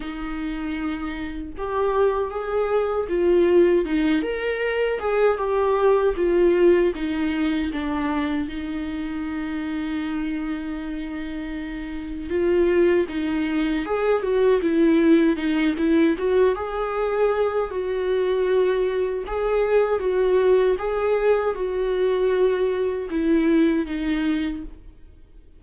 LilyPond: \new Staff \with { instrumentName = "viola" } { \time 4/4 \tempo 4 = 78 dis'2 g'4 gis'4 | f'4 dis'8 ais'4 gis'8 g'4 | f'4 dis'4 d'4 dis'4~ | dis'1 |
f'4 dis'4 gis'8 fis'8 e'4 | dis'8 e'8 fis'8 gis'4. fis'4~ | fis'4 gis'4 fis'4 gis'4 | fis'2 e'4 dis'4 | }